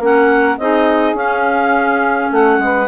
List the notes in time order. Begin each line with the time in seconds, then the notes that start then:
0.00 A#3 C#4 A#4 F#5
0.58 C4 D#4 G#4 D#5
1.14 C#4 F5
2.31 A3 A4 F#5
2.59 G#3 B4